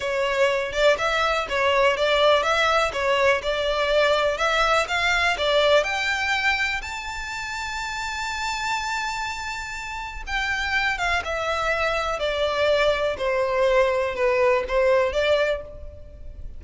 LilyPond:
\new Staff \with { instrumentName = "violin" } { \time 4/4 \tempo 4 = 123 cis''4. d''8 e''4 cis''4 | d''4 e''4 cis''4 d''4~ | d''4 e''4 f''4 d''4 | g''2 a''2~ |
a''1~ | a''4 g''4. f''8 e''4~ | e''4 d''2 c''4~ | c''4 b'4 c''4 d''4 | }